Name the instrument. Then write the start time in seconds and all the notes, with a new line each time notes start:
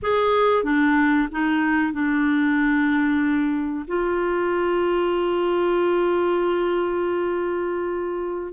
clarinet
0.02 G#4
0.63 D4
1.31 D#4
1.92 D4
3.87 F4